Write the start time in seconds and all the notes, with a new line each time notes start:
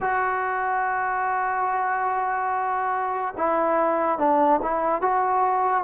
0.00 F#4
3.37 E4
4.18 D4
4.62 E4
5.01 F#4